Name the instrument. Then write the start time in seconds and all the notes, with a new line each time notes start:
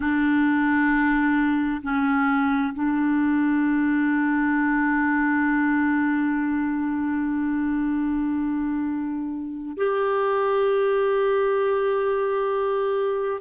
clarinet
0.00 D4
1.82 C#4
2.74 D4
9.77 G4